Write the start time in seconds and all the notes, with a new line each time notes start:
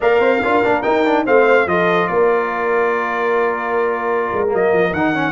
0.00 A#3 A#4 D5 F5
0.19 C4 C5
0.41 D4 F4 A#4
0.63 A#3 D4
0.82 D#4 G5
1.05 D4
1.25 A3 C4 C5 F5
1.66 F3 F4 A4 D#5
2.07 A#3 A#4 D5
4.32 G#3
4.47 F#3 A#3
4.54 D#5
4.72 F3
4.92 D#3 D#4 F#5
5.14 C#4